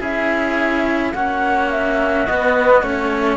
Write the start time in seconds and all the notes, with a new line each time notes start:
0.00 C#4 E4 G#4 E5
1.14 A#3 C#4 F#4 F#5
1.71 E5
2.26 B3 D#5
2.82 A3 C#4 C#5